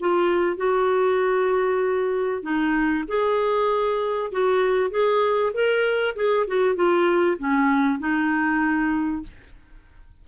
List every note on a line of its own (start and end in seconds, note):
0.00 0.57 F4
0.57 2.42 F#4
2.42 3.04 D#4
3.07 4.31 G#4
4.32 4.90 F#4
4.90 5.52 G#4
5.53 6.15 A#4
6.15 6.46 G#4
6.47 6.75 F#4
6.75 7.37 F4
7.38 7.99 C#4
7.99 9.22 D#4